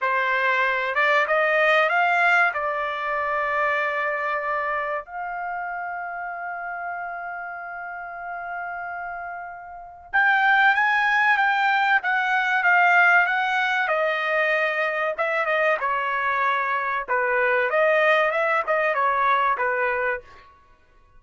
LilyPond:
\new Staff \with { instrumentName = "trumpet" } { \time 4/4 \tempo 4 = 95 c''4. d''8 dis''4 f''4 | d''1 | f''1~ | f''1 |
g''4 gis''4 g''4 fis''4 | f''4 fis''4 dis''2 | e''8 dis''8 cis''2 b'4 | dis''4 e''8 dis''8 cis''4 b'4 | }